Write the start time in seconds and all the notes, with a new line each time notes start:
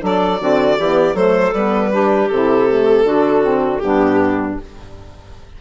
0.00 F#3 D4 A4
0.06 D5
0.41 D3 C4 F#4
0.78 E3 B3 G4
1.14 F#3 A3 A4 C5
1.53 G3 B3 B4
1.92 D4 G4
2.29 C3 E4 A4
2.69 A3
3.04 D3 D4 F#4
3.42 C4
3.78 G2 B3 G4
3.85 D4